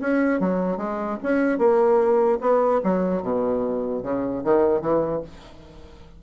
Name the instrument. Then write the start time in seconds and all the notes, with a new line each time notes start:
bassoon
0.00 C#4
0.40 F#3
0.77 G#3
1.23 C#4
1.58 A#3
2.40 B3
2.83 F#3
3.22 B2
4.02 C#3
4.44 D#3
4.81 E3